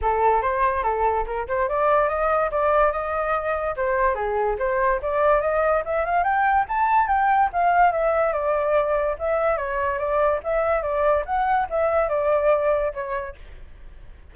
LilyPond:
\new Staff \with { instrumentName = "flute" } { \time 4/4 \tempo 4 = 144 a'4 c''4 a'4 ais'8 c''8 | d''4 dis''4 d''4 dis''4~ | dis''4 c''4 gis'4 c''4 | d''4 dis''4 e''8 f''8 g''4 |
a''4 g''4 f''4 e''4 | d''2 e''4 cis''4 | d''4 e''4 d''4 fis''4 | e''4 d''2 cis''4 | }